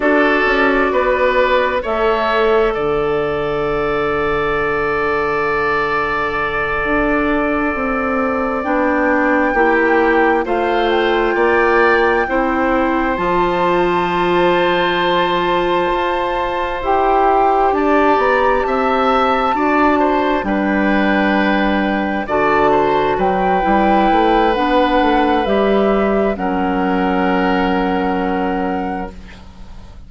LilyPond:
<<
  \new Staff \with { instrumentName = "flute" } { \time 4/4 \tempo 4 = 66 d''2 e''4 fis''4~ | fis''1~ | fis''4. g''2 f''8 | g''2~ g''8 a''4.~ |
a''2~ a''8 g''4 a''8 | ais''8 a''2 g''4.~ | g''8 a''4 g''4. fis''4 | e''4 fis''2. | }
  \new Staff \with { instrumentName = "oboe" } { \time 4/4 a'4 b'4 cis''4 d''4~ | d''1~ | d''2~ d''8 g'4 c''8~ | c''8 d''4 c''2~ c''8~ |
c''2.~ c''8 d''8~ | d''8 e''4 d''8 c''8 b'4.~ | b'8 d''8 c''8 b'2~ b'8~ | b'4 ais'2. | }
  \new Staff \with { instrumentName = "clarinet" } { \time 4/4 fis'2 a'2~ | a'1~ | a'4. d'4 e'4 f'8~ | f'4. e'4 f'4.~ |
f'2~ f'8 g'4.~ | g'4. fis'4 d'4.~ | d'8 fis'4. e'4 d'4 | g'4 cis'2. | }
  \new Staff \with { instrumentName = "bassoon" } { \time 4/4 d'8 cis'8 b4 a4 d4~ | d2.~ d8 d'8~ | d'8 c'4 b4 ais4 a8~ | a8 ais4 c'4 f4.~ |
f4. f'4 e'4 d'8 | b8 c'4 d'4 g4.~ | g8 d4 fis8 g8 a8 b8 a8 | g4 fis2. | }
>>